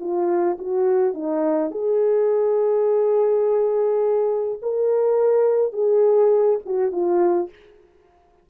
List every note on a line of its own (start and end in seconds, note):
0.00 0.58 F4
0.58 1.14 F#4
1.14 1.71 D#4
1.71 4.59 G#4
4.62 5.73 A#4
5.73 6.59 G#4
6.65 6.92 F#4
6.92 7.49 F4